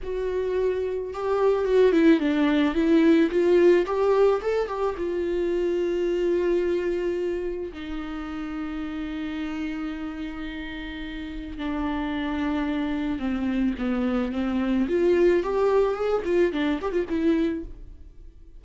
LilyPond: \new Staff \with { instrumentName = "viola" } { \time 4/4 \tempo 4 = 109 fis'2 g'4 fis'8 e'8 | d'4 e'4 f'4 g'4 | a'8 g'8 f'2.~ | f'2 dis'2~ |
dis'1~ | dis'4 d'2. | c'4 b4 c'4 f'4 | g'4 gis'8 f'8 d'8 g'16 f'16 e'4 | }